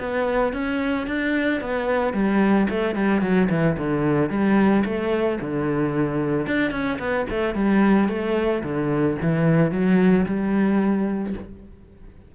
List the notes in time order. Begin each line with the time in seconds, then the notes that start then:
0.00 B3
0.54 C#4
1.08 D4
1.61 B3
2.14 G3
2.70 A3
2.96 G3
3.22 F#3
3.50 E3
3.78 D3
4.30 G3
4.86 A3
5.41 D3
6.47 D4
6.71 C#4
7.00 B3
7.30 A3
7.55 G3
8.09 A3
8.64 D3
9.22 E3
9.72 F#3
10.26 G3